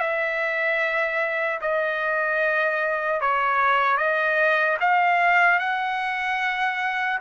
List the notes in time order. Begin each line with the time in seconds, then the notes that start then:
0.00 E5
1.62 D#5
3.21 C#5
3.97 D#5
4.81 F5
5.60 F#5